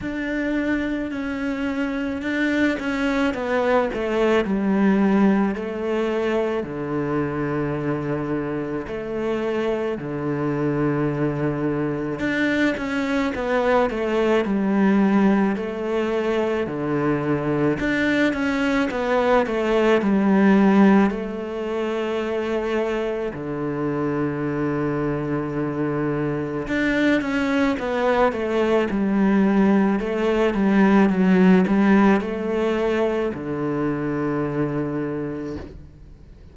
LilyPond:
\new Staff \with { instrumentName = "cello" } { \time 4/4 \tempo 4 = 54 d'4 cis'4 d'8 cis'8 b8 a8 | g4 a4 d2 | a4 d2 d'8 cis'8 | b8 a8 g4 a4 d4 |
d'8 cis'8 b8 a8 g4 a4~ | a4 d2. | d'8 cis'8 b8 a8 g4 a8 g8 | fis8 g8 a4 d2 | }